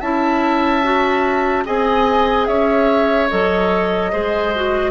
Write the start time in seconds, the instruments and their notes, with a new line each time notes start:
0.00 bassoon C#4, clarinet E4, oboe E5, flute A5
0.84 clarinet F#4
1.65 bassoon C4, clarinet G#4, oboe D#5, flute G#5
2.47 bassoon C#4, oboe C#5, flute E5
3.30 bassoon F#3, clarinet A4, flute D#5
4.12 bassoon G#3, clarinet G#4, oboe C5
4.56 clarinet F#4